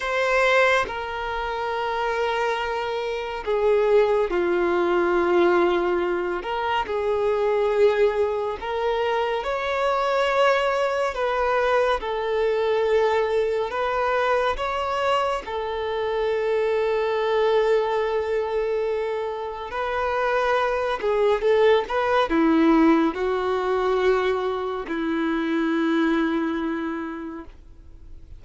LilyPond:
\new Staff \with { instrumentName = "violin" } { \time 4/4 \tempo 4 = 70 c''4 ais'2. | gis'4 f'2~ f'8 ais'8 | gis'2 ais'4 cis''4~ | cis''4 b'4 a'2 |
b'4 cis''4 a'2~ | a'2. b'4~ | b'8 gis'8 a'8 b'8 e'4 fis'4~ | fis'4 e'2. | }